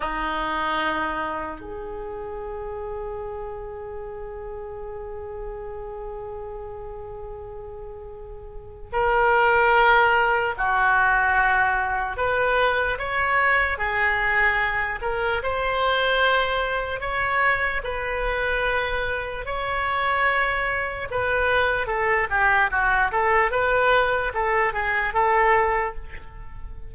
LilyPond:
\new Staff \with { instrumentName = "oboe" } { \time 4/4 \tempo 4 = 74 dis'2 gis'2~ | gis'1~ | gis'2. ais'4~ | ais'4 fis'2 b'4 |
cis''4 gis'4. ais'8 c''4~ | c''4 cis''4 b'2 | cis''2 b'4 a'8 g'8 | fis'8 a'8 b'4 a'8 gis'8 a'4 | }